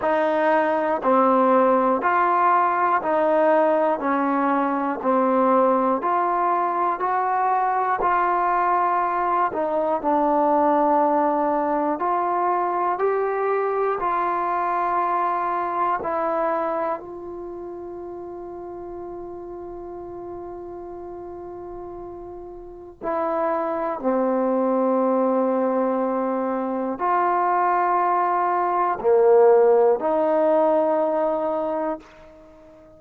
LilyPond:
\new Staff \with { instrumentName = "trombone" } { \time 4/4 \tempo 4 = 60 dis'4 c'4 f'4 dis'4 | cis'4 c'4 f'4 fis'4 | f'4. dis'8 d'2 | f'4 g'4 f'2 |
e'4 f'2.~ | f'2. e'4 | c'2. f'4~ | f'4 ais4 dis'2 | }